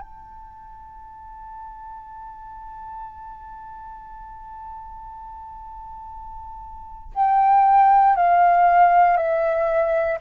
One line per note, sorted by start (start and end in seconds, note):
0.00 7.12 A5
7.15 8.16 G5
8.16 9.16 F5
9.16 10.18 E5